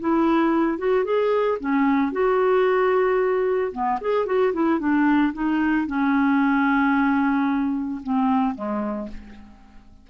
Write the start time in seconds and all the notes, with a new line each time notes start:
0.00 E4
0.78 F#4
1.05 G#4
1.60 C#4
2.12 F#4
3.72 B3
4.01 G#4
4.26 F#4
4.53 E4
4.79 D4
5.34 D#4
5.87 C#4
8.03 C4
8.55 G#3